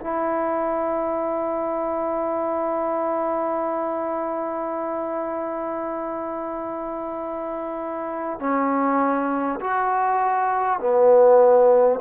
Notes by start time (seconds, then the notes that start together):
0.00 E4
8.39 C#4
9.60 F#4
10.79 B3